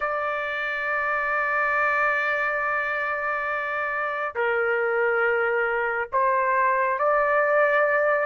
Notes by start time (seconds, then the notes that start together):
0.00 D5
4.35 A#4
6.12 C5
6.98 D5